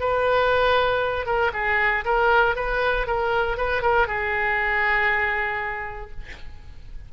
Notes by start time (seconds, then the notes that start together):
0.00 B4
1.26 A#4
1.53 G#4
2.05 A#4
2.56 B4
3.07 A#4
3.57 B4
3.82 A#4
4.07 G#4